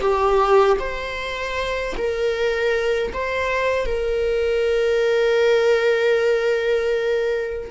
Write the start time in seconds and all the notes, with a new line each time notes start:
0.00 G4
0.79 C5
1.97 A#4
3.13 C5
3.86 A#4